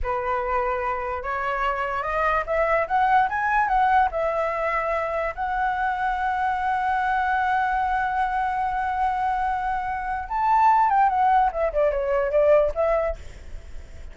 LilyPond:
\new Staff \with { instrumentName = "flute" } { \time 4/4 \tempo 4 = 146 b'2. cis''4~ | cis''4 dis''4 e''4 fis''4 | gis''4 fis''4 e''2~ | e''4 fis''2.~ |
fis''1~ | fis''1~ | fis''4 a''4. g''8 fis''4 | e''8 d''8 cis''4 d''4 e''4 | }